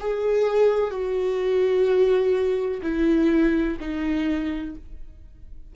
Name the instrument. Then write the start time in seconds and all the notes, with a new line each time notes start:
viola
0.00 G#4
0.91 F#4
2.82 E4
3.81 D#4